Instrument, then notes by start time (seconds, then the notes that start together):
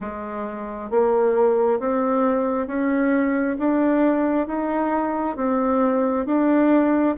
bassoon
0.00 G#3
0.90 A#3
1.79 C4
2.67 C#4
3.58 D4
4.47 D#4
5.36 C4
6.26 D4